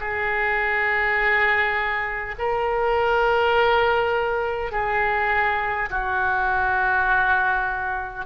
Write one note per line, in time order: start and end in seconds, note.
0.00 2.35 G#4
2.39 4.72 A#4
4.72 5.89 G#4
5.90 8.26 F#4